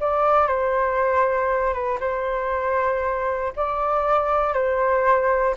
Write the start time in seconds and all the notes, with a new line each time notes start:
0.00 D5
0.47 C5
1.73 B4
2.00 C5
3.56 D5
4.53 C5